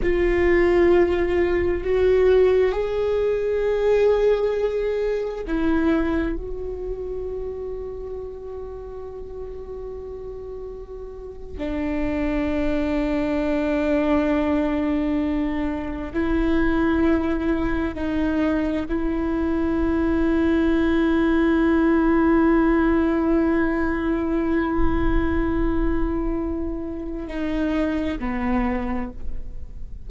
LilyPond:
\new Staff \with { instrumentName = "viola" } { \time 4/4 \tempo 4 = 66 f'2 fis'4 gis'4~ | gis'2 e'4 fis'4~ | fis'1~ | fis'8. d'2.~ d'16~ |
d'4.~ d'16 e'2 dis'16~ | dis'8. e'2.~ e'16~ | e'1~ | e'2 dis'4 b4 | }